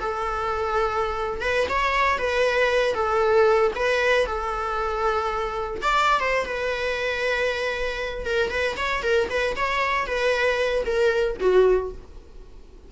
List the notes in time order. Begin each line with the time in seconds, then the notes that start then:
0.00 A4
1.41 B4
1.69 C#5
2.18 B4
2.94 A4
3.75 B4
4.26 A4
5.82 D5
6.20 C5
6.45 B4
8.25 A#4
8.50 B4
8.76 C#5
9.03 A#4
9.30 B4
9.56 C#5
10.07 B4
10.85 A#4
11.40 F#4